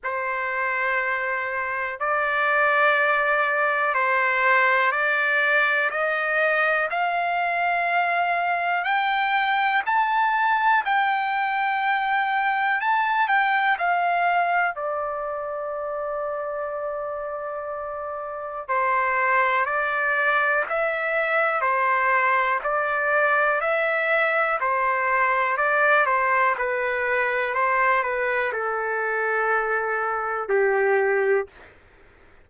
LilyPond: \new Staff \with { instrumentName = "trumpet" } { \time 4/4 \tempo 4 = 61 c''2 d''2 | c''4 d''4 dis''4 f''4~ | f''4 g''4 a''4 g''4~ | g''4 a''8 g''8 f''4 d''4~ |
d''2. c''4 | d''4 e''4 c''4 d''4 | e''4 c''4 d''8 c''8 b'4 | c''8 b'8 a'2 g'4 | }